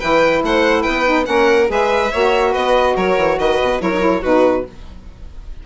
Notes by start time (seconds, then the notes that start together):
0.00 E3 E4 B4 G5
0.43 A3 C5 F#5
0.83 B3 B4 G5
1.06 D#4
1.25 A#3 C#4 A#4 F#5
1.68 G#3 G#4 B4 E5
2.12 A#3 F#4 C#5
2.52 B3 B4 D#5
2.96 F#3 A#4 C#5
3.18 E3
3.39 D#3 B4 D#5
3.63 B2
3.81 F#3 E4 A#4 C#5
3.93 D#4
4.01 E4
4.22 B2 D#4 F#4 B4